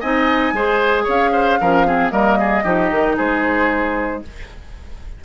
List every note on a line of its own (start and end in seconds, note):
0.00 0.53 C4
0.00 0.55 D#4
0.00 0.53 D#5
0.00 1.07 G#5
0.53 1.06 G#3
0.53 1.60 G#4
0.53 1.04 C5
1.04 1.61 C#4
1.04 1.30 C#5
1.04 2.11 F5
1.32 1.59 C5
1.60 2.12 F3
1.60 1.86 C#4
1.60 1.87 A#4
1.86 2.10 C4
1.86 2.12 G#4
2.10 2.64 G3
2.10 2.62 A#3
2.10 2.38 A#4
2.10 3.16 D#5
2.40 2.64 G#4
2.64 2.91 F3
2.64 4.22 D#4
2.64 3.16 G4
2.91 3.17 D#3
3.16 4.24 G#3
3.16 4.22 G#4
3.16 4.23 C5